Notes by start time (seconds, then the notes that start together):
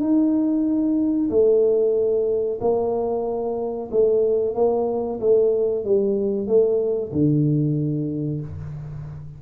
0.00 D#4
1.30 A3
2.60 A#3
3.91 A3
4.55 A#3
5.19 A3
5.84 G3
6.47 A3
7.11 D3